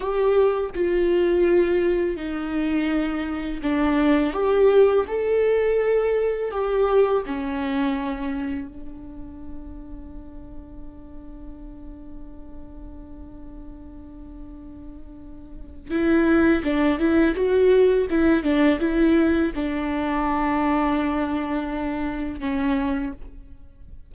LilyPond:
\new Staff \with { instrumentName = "viola" } { \time 4/4 \tempo 4 = 83 g'4 f'2 dis'4~ | dis'4 d'4 g'4 a'4~ | a'4 g'4 cis'2 | d'1~ |
d'1~ | d'2 e'4 d'8 e'8 | fis'4 e'8 d'8 e'4 d'4~ | d'2. cis'4 | }